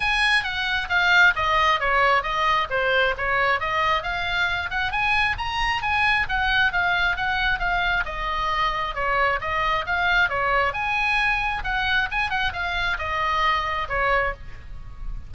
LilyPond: \new Staff \with { instrumentName = "oboe" } { \time 4/4 \tempo 4 = 134 gis''4 fis''4 f''4 dis''4 | cis''4 dis''4 c''4 cis''4 | dis''4 f''4. fis''8 gis''4 | ais''4 gis''4 fis''4 f''4 |
fis''4 f''4 dis''2 | cis''4 dis''4 f''4 cis''4 | gis''2 fis''4 gis''8 fis''8 | f''4 dis''2 cis''4 | }